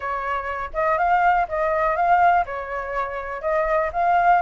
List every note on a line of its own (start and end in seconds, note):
0.00 0.70 C#5
0.73 0.98 D#5
0.98 1.47 F5
1.48 1.96 D#5
1.96 2.44 F5
2.45 3.41 C#5
3.41 3.90 D#5
3.92 4.41 F5